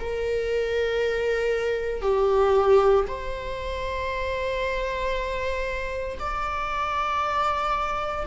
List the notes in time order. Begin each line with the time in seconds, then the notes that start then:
0.00 A#4
2.02 G4
3.08 C5
6.20 D5